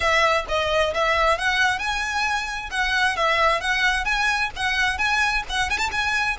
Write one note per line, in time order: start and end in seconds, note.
0.00 0.45 E5
0.48 0.93 D#5
0.94 1.38 E5
1.38 1.79 F#5
1.79 2.69 G#5
2.70 3.16 F#5
3.16 3.61 E5
3.61 4.04 F#5
4.04 4.50 G#5
4.56 4.98 F#5
4.98 5.43 G#5
5.49 5.69 F#5
5.69 5.78 G#5
5.78 5.89 A5
5.91 6.37 G#5